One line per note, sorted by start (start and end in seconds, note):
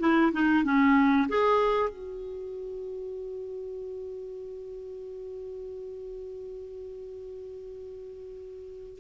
0.00 0.32 E4
0.33 0.64 D#4
0.64 1.29 C#4
1.29 1.90 G#4
1.90 9.00 F#4